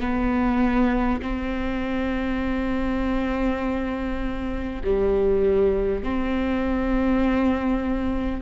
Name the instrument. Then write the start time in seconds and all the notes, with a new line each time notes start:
viola
0.00 B3
1.21 C4
4.83 G3
6.03 C4